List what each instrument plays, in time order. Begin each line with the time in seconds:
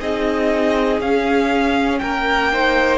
0.00 cello C4, viola D#4, violin G#4 D#5
1.00 cello C#4, viola C#4, violin F5
1.99 cello A#3, violin A#4 G5
2.52 viola D#4, violin C5